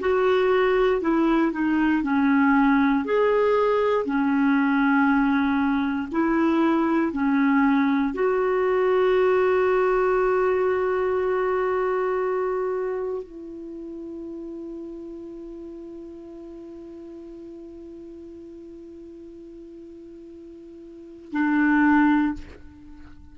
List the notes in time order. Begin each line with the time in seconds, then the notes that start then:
0.00 F#4
1.01 E4
1.52 D#4
2.02 C#4
3.04 G#4
4.05 C#4
6.11 E4
7.12 C#4
8.14 F#4
13.22 E4
21.32 D4